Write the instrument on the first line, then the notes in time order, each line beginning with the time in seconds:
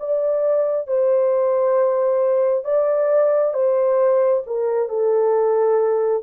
horn
0.00 D5
0.88 C5
2.65 D5
3.53 C5
4.47 A#4
4.89 A4